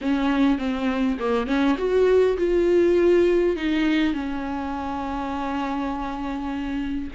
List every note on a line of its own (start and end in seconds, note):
0.01 0.58 C#4
0.58 1.17 C4
1.19 1.46 A#3
1.46 1.76 C#4
1.77 2.37 F#4
2.37 3.56 F4
3.56 4.13 D#4
4.13 7.10 C#4